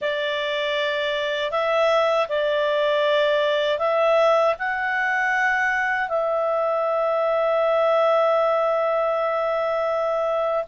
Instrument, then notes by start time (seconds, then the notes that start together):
clarinet
0.01 D5
1.51 E5
2.28 D5
3.78 E5
4.58 F#5
6.08 E5